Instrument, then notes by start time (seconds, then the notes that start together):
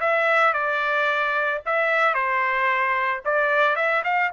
trumpet
0.00 E5
0.53 D5
1.66 E5
2.14 C5
3.25 D5
3.76 E5
4.04 F5